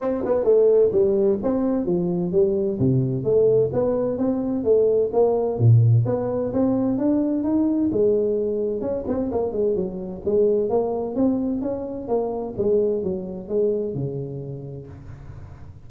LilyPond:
\new Staff \with { instrumentName = "tuba" } { \time 4/4 \tempo 4 = 129 c'8 b8 a4 g4 c'4 | f4 g4 c4 a4 | b4 c'4 a4 ais4 | ais,4 b4 c'4 d'4 |
dis'4 gis2 cis'8 c'8 | ais8 gis8 fis4 gis4 ais4 | c'4 cis'4 ais4 gis4 | fis4 gis4 cis2 | }